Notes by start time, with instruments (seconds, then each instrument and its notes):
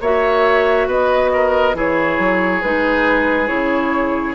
0.00 bassoon A#3, clarinet F#4, oboe C#5, flute E5
0.87 bassoon B3, oboe B4, flute D#5
1.33 oboe A#4
1.74 bassoon E3, clarinet E4, oboe G#4, flute C#5
2.18 bassoon F#3
2.62 bassoon G#3, clarinet D#4, flute B4
3.47 bassoon C#3, clarinet E4, flute C#5